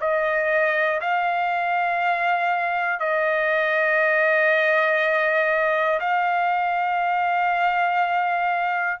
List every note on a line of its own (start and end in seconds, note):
0.00 1.00 D#5
1.00 2.99 F5
2.99 5.99 D#5
6.00 9.00 F5